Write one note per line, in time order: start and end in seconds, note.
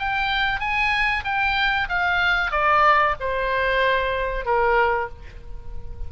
0.00 0.60 G5
0.60 1.24 G#5
1.25 1.89 G5
1.89 2.52 F5
2.52 3.16 D5
3.20 4.46 C5
4.46 5.09 A#4